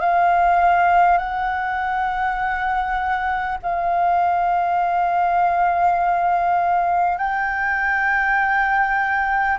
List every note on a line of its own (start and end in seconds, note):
0.00 1.18 F5
1.18 3.58 F#5
3.63 7.18 F5
7.18 9.58 G5